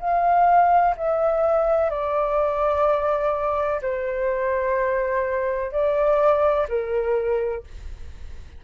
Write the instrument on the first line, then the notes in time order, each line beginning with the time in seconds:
flute
0.00 F5
0.97 E5
1.90 D5
3.82 C5
5.72 D5
6.69 A#4